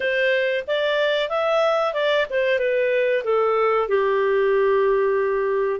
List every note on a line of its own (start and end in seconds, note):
0.00 0.64 C5
0.67 1.29 D5
1.29 1.93 E5
1.93 2.26 D5
2.30 2.58 C5
2.58 3.23 B4
3.23 3.88 A4
3.88 5.79 G4